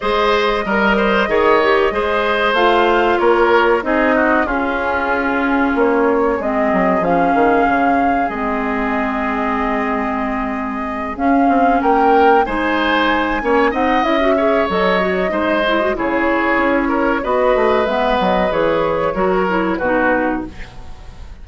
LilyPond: <<
  \new Staff \with { instrumentName = "flute" } { \time 4/4 \tempo 4 = 94 dis''1 | f''4 cis''4 dis''4 gis'4~ | gis'4 cis''4 dis''4 f''4~ | f''4 dis''2.~ |
dis''4. f''4 g''4 gis''8~ | gis''4. fis''8 e''4 dis''4~ | dis''4 cis''2 dis''4 | e''8 dis''8 cis''2 b'4 | }
  \new Staff \with { instrumentName = "oboe" } { \time 4/4 c''4 ais'8 c''8 cis''4 c''4~ | c''4 ais'4 gis'8 fis'8 f'4~ | f'2 gis'2~ | gis'1~ |
gis'2~ gis'8 ais'4 c''8~ | c''4 cis''8 dis''4 cis''4. | c''4 gis'4. ais'8 b'4~ | b'2 ais'4 fis'4 | }
  \new Staff \with { instrumentName = "clarinet" } { \time 4/4 gis'4 ais'4 gis'8 g'8 gis'4 | f'2 dis'4 cis'4~ | cis'2 c'4 cis'4~ | cis'4 c'2.~ |
c'4. cis'2 dis'8~ | dis'4 cis'8 dis'8 e'16 fis'16 gis'8 a'8 fis'8 | dis'8 e'16 fis'16 e'2 fis'4 | b4 gis'4 fis'8 e'8 dis'4 | }
  \new Staff \with { instrumentName = "bassoon" } { \time 4/4 gis4 g4 dis4 gis4 | a4 ais4 c'4 cis'4~ | cis'4 ais4 gis8 fis8 f8 dis8 | cis4 gis2.~ |
gis4. cis'8 c'8 ais4 gis8~ | gis4 ais8 c'8 cis'4 fis4 | gis4 cis4 cis'4 b8 a8 | gis8 fis8 e4 fis4 b,4 | }
>>